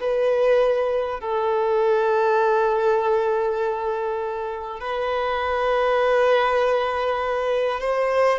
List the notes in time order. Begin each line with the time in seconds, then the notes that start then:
0.00 B4
1.20 A4
4.80 B4
7.80 C5